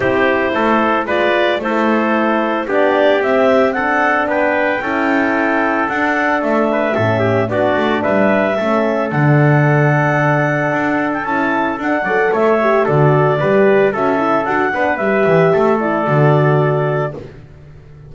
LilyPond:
<<
  \new Staff \with { instrumentName = "clarinet" } { \time 4/4 \tempo 4 = 112 c''2 d''4 c''4~ | c''4 d''4 e''4 fis''4 | g''2. fis''4 | e''2 d''4 e''4~ |
e''4 fis''2.~ | fis''8. g''16 a''4 fis''4 e''4 | d''2 e''4 fis''4 | e''4. d''2~ d''8 | }
  \new Staff \with { instrumentName = "trumpet" } { \time 4/4 g'4 a'4 b'4 a'4~ | a'4 g'2 a'4 | b'4 a'2.~ | a'8 b'8 a'8 g'8 fis'4 b'4 |
a'1~ | a'2~ a'8 d''8 cis''4 | a'4 b'4 a'4. b'8~ | b'4 a'2. | }
  \new Staff \with { instrumentName = "horn" } { \time 4/4 e'2 f'4 e'4~ | e'4 d'4 c'4 d'4~ | d'4 e'2 d'4~ | d'4 cis'4 d'2 |
cis'4 d'2.~ | d'4 e'4 d'8 a'4 g'8 | fis'4 g'4 fis'8 e'8 fis'8 d'8 | g'4. e'8 fis'2 | }
  \new Staff \with { instrumentName = "double bass" } { \time 4/4 c'4 a4 gis4 a4~ | a4 b4 c'2 | b4 cis'2 d'4 | a4 a,4 b8 a8 g4 |
a4 d2. | d'4 cis'4 d'8 fis8 a4 | d4 g4 cis'4 d'8 b8 | g8 e8 a4 d2 | }
>>